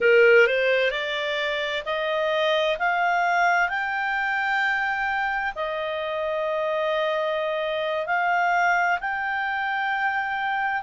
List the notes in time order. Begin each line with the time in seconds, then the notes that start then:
0.00 A#4
0.46 C5
0.90 D5
1.85 D#5
2.78 F5
3.69 G5
5.55 D#5
8.06 F5
9.00 G5